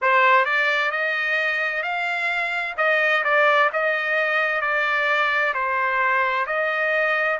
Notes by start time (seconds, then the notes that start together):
0.01 C5
0.44 D5
0.91 D#5
1.83 F5
2.77 D#5
3.23 D5
3.72 D#5
4.61 D5
5.53 C5
6.46 D#5